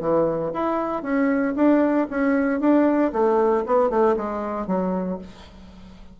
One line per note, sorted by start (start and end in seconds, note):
0.00 0.52 E3
0.53 1.02 E4
1.02 1.54 C#4
1.55 2.07 D4
2.10 2.60 C#4
2.60 3.12 D4
3.12 3.64 A3
3.66 3.90 B3
3.90 4.15 A3
4.17 4.67 G#3
4.67 5.18 F#3